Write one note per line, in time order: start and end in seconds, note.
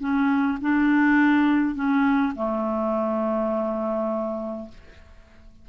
0.00 0.58 C#4
0.61 1.75 D4
1.75 2.33 C#4
2.36 4.69 A3